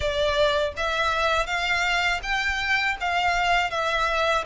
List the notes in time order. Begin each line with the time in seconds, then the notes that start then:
0.00 D5
0.76 E5
1.46 F5
2.22 G5
3.00 F5
3.70 E5